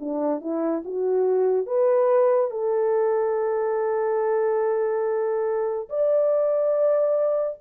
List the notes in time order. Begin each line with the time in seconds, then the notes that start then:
0.00 D4
0.41 E4
0.85 F#4
1.66 B4
2.51 A4
5.89 D5